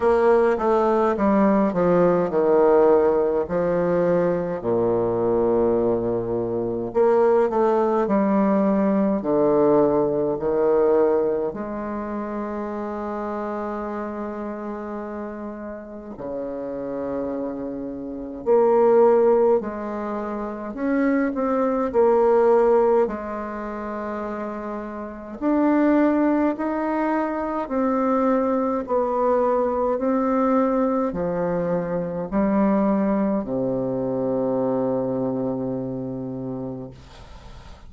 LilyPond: \new Staff \with { instrumentName = "bassoon" } { \time 4/4 \tempo 4 = 52 ais8 a8 g8 f8 dis4 f4 | ais,2 ais8 a8 g4 | d4 dis4 gis2~ | gis2 cis2 |
ais4 gis4 cis'8 c'8 ais4 | gis2 d'4 dis'4 | c'4 b4 c'4 f4 | g4 c2. | }